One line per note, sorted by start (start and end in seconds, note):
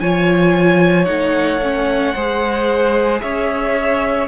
0.00 1.08 F3
0.00 1.06 F4
0.00 2.14 C#5
0.00 1.05 G#5
1.05 2.15 A3
1.05 1.59 D#4
1.05 3.19 F#5
1.62 2.16 C#4
2.14 3.23 G#3
2.14 4.28 G#4
2.14 3.21 C5
3.21 4.28 C#4
3.21 4.28 C#5
3.21 4.28 E5